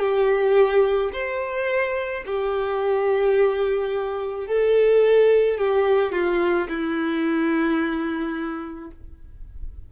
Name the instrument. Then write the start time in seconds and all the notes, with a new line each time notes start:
violin
0.00 G4
1.13 C5
2.26 G4
4.47 A4
5.58 G4
6.13 F4
6.69 E4